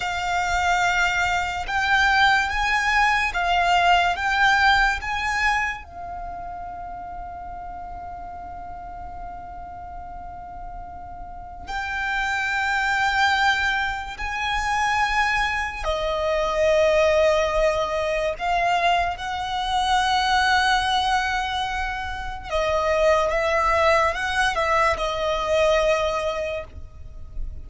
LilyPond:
\new Staff \with { instrumentName = "violin" } { \time 4/4 \tempo 4 = 72 f''2 g''4 gis''4 | f''4 g''4 gis''4 f''4~ | f''1~ | f''2 g''2~ |
g''4 gis''2 dis''4~ | dis''2 f''4 fis''4~ | fis''2. dis''4 | e''4 fis''8 e''8 dis''2 | }